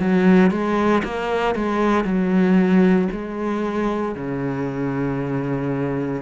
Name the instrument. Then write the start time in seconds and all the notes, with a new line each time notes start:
cello
0.00 F#3
0.51 G#3
1.04 A#3
1.55 G#3
2.05 F#3
3.12 G#3
4.15 C#3